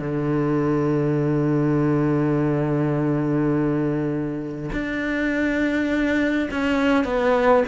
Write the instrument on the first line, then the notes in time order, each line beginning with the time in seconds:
cello
0.00 D3
4.73 D4
6.51 C#4
7.05 B3